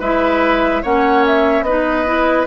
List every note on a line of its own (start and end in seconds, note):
0.00 0.83 G#3
0.00 0.83 E4
0.00 0.82 B4
0.00 0.83 E5
0.82 1.61 A#3
0.82 1.66 C#4
0.82 1.64 C#5
0.82 1.25 F#5
1.26 1.63 E5
1.61 2.44 B3
1.61 2.05 D#4
1.61 2.47 B4
1.61 2.46 D#5
2.05 2.46 E4